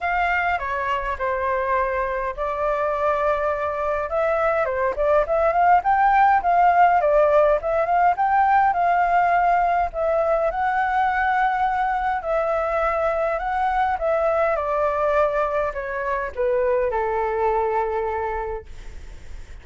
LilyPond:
\new Staff \with { instrumentName = "flute" } { \time 4/4 \tempo 4 = 103 f''4 cis''4 c''2 | d''2. e''4 | c''8 d''8 e''8 f''8 g''4 f''4 | d''4 e''8 f''8 g''4 f''4~ |
f''4 e''4 fis''2~ | fis''4 e''2 fis''4 | e''4 d''2 cis''4 | b'4 a'2. | }